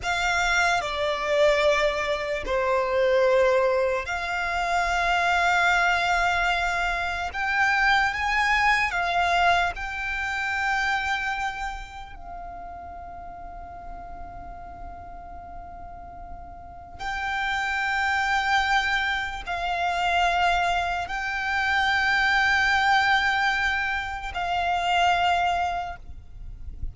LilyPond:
\new Staff \with { instrumentName = "violin" } { \time 4/4 \tempo 4 = 74 f''4 d''2 c''4~ | c''4 f''2.~ | f''4 g''4 gis''4 f''4 | g''2. f''4~ |
f''1~ | f''4 g''2. | f''2 g''2~ | g''2 f''2 | }